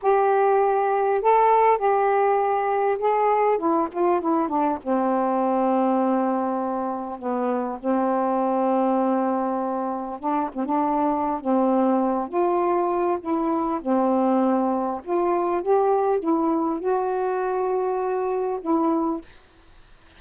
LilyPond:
\new Staff \with { instrumentName = "saxophone" } { \time 4/4 \tempo 4 = 100 g'2 a'4 g'4~ | g'4 gis'4 e'8 f'8 e'8 d'8 | c'1 | b4 c'2.~ |
c'4 d'8 c'16 d'4~ d'16 c'4~ | c'8 f'4. e'4 c'4~ | c'4 f'4 g'4 e'4 | fis'2. e'4 | }